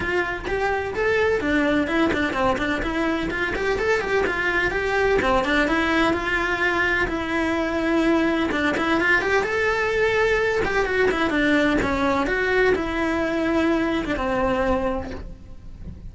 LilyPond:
\new Staff \with { instrumentName = "cello" } { \time 4/4 \tempo 4 = 127 f'4 g'4 a'4 d'4 | e'8 d'8 c'8 d'8 e'4 f'8 g'8 | a'8 g'8 f'4 g'4 c'8 d'8 | e'4 f'2 e'4~ |
e'2 d'8 e'8 f'8 g'8 | a'2~ a'8 g'8 fis'8 e'8 | d'4 cis'4 fis'4 e'4~ | e'4.~ e'16 d'16 c'2 | }